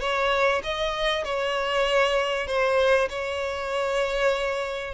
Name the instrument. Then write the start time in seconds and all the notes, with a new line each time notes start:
violin
0.00 C#5
0.63 D#5
1.24 C#5
2.47 C5
3.09 C#5